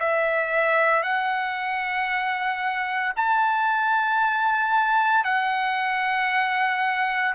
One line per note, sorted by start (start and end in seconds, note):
0.00 1.03 E5
1.03 3.13 F#5
3.16 5.24 A5
5.24 7.35 F#5